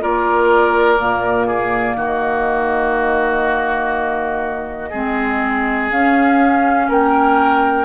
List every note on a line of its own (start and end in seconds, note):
0.00 0.99 A#3
0.00 0.98 F4
0.00 1.47 A#4
0.00 1.98 D5
0.98 1.95 A#2
0.98 4.91 A#3
1.47 1.96 G#4
1.95 4.91 D#3
1.95 4.90 F#4
1.95 5.91 D#5
4.90 5.91 G#3
4.90 5.91 C4
4.90 6.86 G#4
5.91 6.89 C#4
5.91 7.85 C#4
5.91 6.89 F5
6.88 7.85 A#3
6.88 7.85 A#4
6.88 7.85 G5